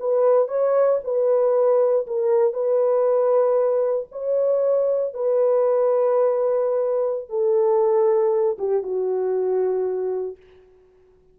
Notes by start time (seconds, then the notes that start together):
0.00 B4
0.48 C#5
1.04 B4
2.07 A#4
2.53 B4
4.12 C#5
5.14 B4
7.30 A4
8.59 G4
8.83 F#4